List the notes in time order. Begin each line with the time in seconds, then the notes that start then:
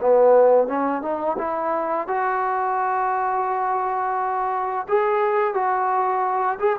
0.00 B3
0.67 C#4
1.01 D#4
1.37 E4
2.07 F#4
4.88 G#4
5.54 F#4
6.59 G#4